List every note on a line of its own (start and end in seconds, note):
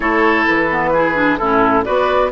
0.00 0.46 A3
0.00 0.67 E4
0.00 0.90 A4
0.00 0.44 C#5
0.46 1.39 E3
0.46 1.37 B4
0.70 0.93 B3
0.93 1.15 E4
0.93 1.38 G#4
1.15 1.38 D4
1.37 1.85 A2
1.37 1.84 C#4
1.37 1.84 E4
1.37 1.83 A4
1.84 2.31 B3
1.84 2.30 F#4
1.84 2.31 B4
1.84 2.30 D5